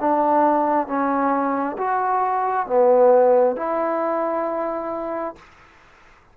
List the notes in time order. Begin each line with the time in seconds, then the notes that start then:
0.00 D4
0.87 C#4
1.77 F#4
2.66 B3
3.56 E4